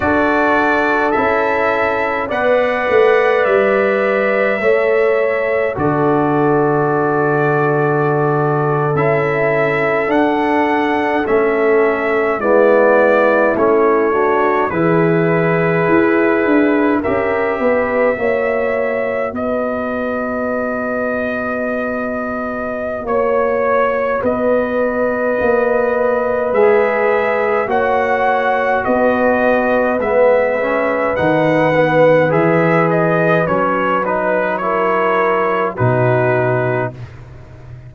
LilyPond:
<<
  \new Staff \with { instrumentName = "trumpet" } { \time 4/4 \tempo 4 = 52 d''4 e''4 fis''4 e''4~ | e''4 d''2~ d''8. e''16~ | e''8. fis''4 e''4 d''4 cis''16~ | cis''8. b'2 e''4~ e''16~ |
e''8. dis''2.~ dis''16 | cis''4 dis''2 e''4 | fis''4 dis''4 e''4 fis''4 | e''8 dis''8 cis''8 b'8 cis''4 b'4 | }
  \new Staff \with { instrumentName = "horn" } { \time 4/4 a'2 d''2 | cis''4 a'2.~ | a'2~ a'8. e'4~ e'16~ | e'16 fis'8 gis'2 ais'8 b'8 cis''16~ |
cis''8. b'2.~ b'16 | cis''4 b'2. | cis''4 b'2.~ | b'2 ais'4 fis'4 | }
  \new Staff \with { instrumentName = "trombone" } { \time 4/4 fis'4 e'4 b'2 | a'4 fis'2~ fis'8. e'16~ | e'8. d'4 cis'4 b4 cis'16~ | cis'16 d'8 e'2 g'4 fis'16~ |
fis'1~ | fis'2. gis'4 | fis'2 b8 cis'8 dis'8 b8 | gis'4 cis'8 dis'8 e'4 dis'4 | }
  \new Staff \with { instrumentName = "tuba" } { \time 4/4 d'4 cis'4 b8 a8 g4 | a4 d2~ d8. cis'16~ | cis'8. d'4 a4 gis4 a16~ | a8. e4 e'8 d'8 cis'8 b8 ais16~ |
ais8. b2.~ b16 | ais4 b4 ais4 gis4 | ais4 b4 gis4 dis4 | e4 fis2 b,4 | }
>>